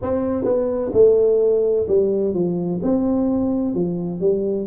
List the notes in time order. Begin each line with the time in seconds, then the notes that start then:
0.02 C4
0.44 B3
0.93 A3
1.87 G3
2.34 F3
2.82 C4
3.74 F3
4.20 G3